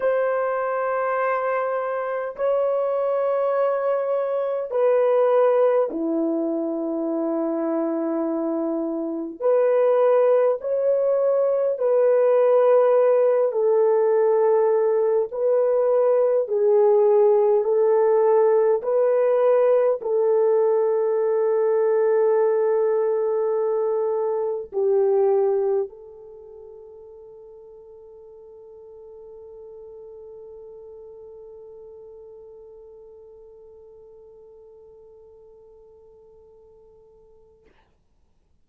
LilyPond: \new Staff \with { instrumentName = "horn" } { \time 4/4 \tempo 4 = 51 c''2 cis''2 | b'4 e'2. | b'4 cis''4 b'4. a'8~ | a'4 b'4 gis'4 a'4 |
b'4 a'2.~ | a'4 g'4 a'2~ | a'1~ | a'1 | }